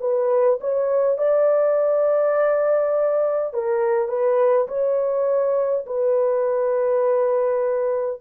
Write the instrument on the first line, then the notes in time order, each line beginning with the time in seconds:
horn
0.00 B4
0.60 C#5
1.18 D5
3.53 A#4
4.09 B4
4.68 C#5
5.87 B4